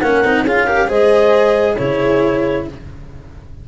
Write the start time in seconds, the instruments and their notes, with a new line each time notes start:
0.00 tuba A#3, cello C#4, horn A#4, clarinet F#5
0.24 tuba C4, cello D#4
0.44 tuba C#4, cello F4, horn G#4, clarinet F5
0.66 cello G4, horn A#4
0.88 tuba G#3, cello G#4, horn C5, clarinet D#5
1.76 tuba C#3, cello E4, horn G#4, clarinet C#5